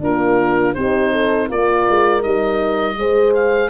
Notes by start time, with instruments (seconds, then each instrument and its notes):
0.00 horn A#3 F4, tuba D4, oboe A#4
0.75 tuba C4, horn D#4 G4, oboe C5
1.13 horn A4
1.48 tuba A#3, horn F4 A#4, oboe D5
1.89 tuba G#3
2.21 tuba G3, horn D#4, oboe D#5
2.97 tuba G#3, horn G#4 C5
3.35 oboe F5